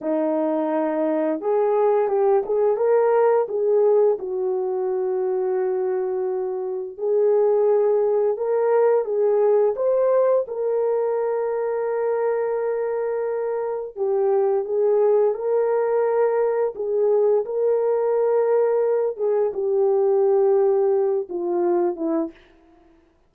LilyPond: \new Staff \with { instrumentName = "horn" } { \time 4/4 \tempo 4 = 86 dis'2 gis'4 g'8 gis'8 | ais'4 gis'4 fis'2~ | fis'2 gis'2 | ais'4 gis'4 c''4 ais'4~ |
ais'1 | g'4 gis'4 ais'2 | gis'4 ais'2~ ais'8 gis'8 | g'2~ g'8 f'4 e'8 | }